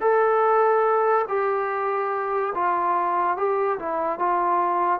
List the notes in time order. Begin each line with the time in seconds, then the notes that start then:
0.00 A4
1.28 G4
2.54 F4
3.37 G4
3.78 E4
4.19 F4